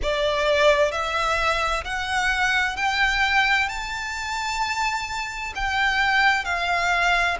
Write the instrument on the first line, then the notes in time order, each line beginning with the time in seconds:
violin
0.02 D5
0.91 E5
1.84 F#5
2.76 G5
3.68 A5
5.55 G5
6.44 F5